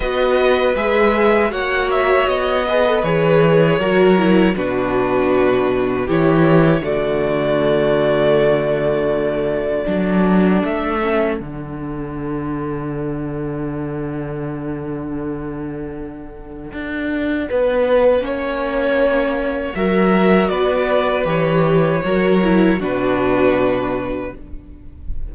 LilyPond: <<
  \new Staff \with { instrumentName = "violin" } { \time 4/4 \tempo 4 = 79 dis''4 e''4 fis''8 e''8 dis''4 | cis''2 b'2 | cis''4 d''2.~ | d''2 e''4 fis''4~ |
fis''1~ | fis''1~ | fis''2 e''4 d''4 | cis''2 b'2 | }
  \new Staff \with { instrumentName = "violin" } { \time 4/4 b'2 cis''4. b'8~ | b'4 ais'4 fis'2 | g'4 fis'2.~ | fis'4 a'2.~ |
a'1~ | a'2. b'4 | cis''2 ais'4 b'4~ | b'4 ais'4 fis'2 | }
  \new Staff \with { instrumentName = "viola" } { \time 4/4 fis'4 gis'4 fis'4. gis'16 a'16 | gis'4 fis'8 e'8 d'2 | e'4 a2.~ | a4 d'4. cis'8 d'4~ |
d'1~ | d'1 | cis'2 fis'2 | g'4 fis'8 e'8 d'2 | }
  \new Staff \with { instrumentName = "cello" } { \time 4/4 b4 gis4 ais4 b4 | e4 fis4 b,2 | e4 d2.~ | d4 fis4 a4 d4~ |
d1~ | d2 d'4 b4 | ais2 fis4 b4 | e4 fis4 b,2 | }
>>